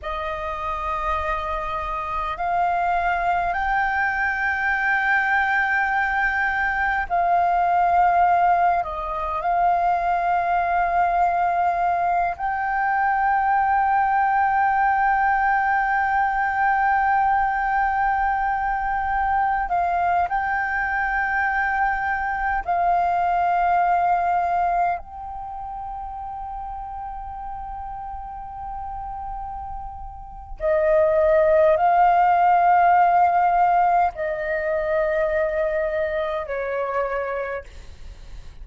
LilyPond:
\new Staff \with { instrumentName = "flute" } { \time 4/4 \tempo 4 = 51 dis''2 f''4 g''4~ | g''2 f''4. dis''8 | f''2~ f''8 g''4.~ | g''1~ |
g''8. f''8 g''2 f''8.~ | f''4~ f''16 g''2~ g''8.~ | g''2 dis''4 f''4~ | f''4 dis''2 cis''4 | }